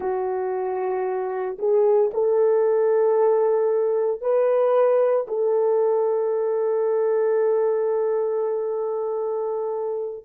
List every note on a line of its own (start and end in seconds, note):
0.00 1.57 F#4
1.58 2.11 G#4
2.13 4.21 A4
4.21 5.26 B4
5.27 10.25 A4